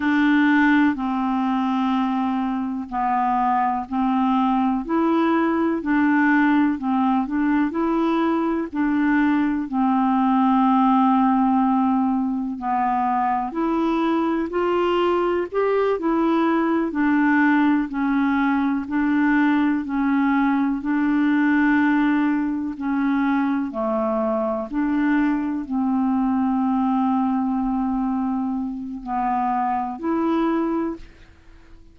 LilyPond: \new Staff \with { instrumentName = "clarinet" } { \time 4/4 \tempo 4 = 62 d'4 c'2 b4 | c'4 e'4 d'4 c'8 d'8 | e'4 d'4 c'2~ | c'4 b4 e'4 f'4 |
g'8 e'4 d'4 cis'4 d'8~ | d'8 cis'4 d'2 cis'8~ | cis'8 a4 d'4 c'4.~ | c'2 b4 e'4 | }